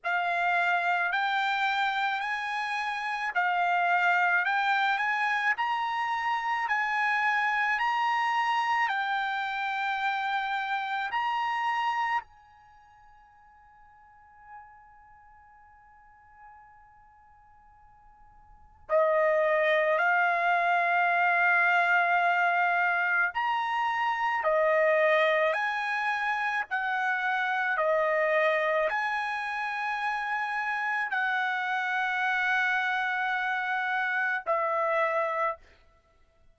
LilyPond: \new Staff \with { instrumentName = "trumpet" } { \time 4/4 \tempo 4 = 54 f''4 g''4 gis''4 f''4 | g''8 gis''8 ais''4 gis''4 ais''4 | g''2 ais''4 gis''4~ | gis''1~ |
gis''4 dis''4 f''2~ | f''4 ais''4 dis''4 gis''4 | fis''4 dis''4 gis''2 | fis''2. e''4 | }